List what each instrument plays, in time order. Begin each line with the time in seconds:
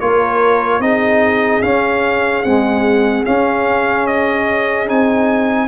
0.00 tuba A#3, trombone F4, horn A#4, trumpet C#5
0.79 tuba C4, trombone D#4, horn G#4, trumpet D#5
1.62 tuba C#4, trombone C#4, trumpet F5
2.43 trombone G#3, tuba C4, trumpet F#5
3.25 trombone C#4, tuba C#4, trumpet F5
4.06 trumpet D#5
4.87 tuba C4, trombone D#4, trumpet G#5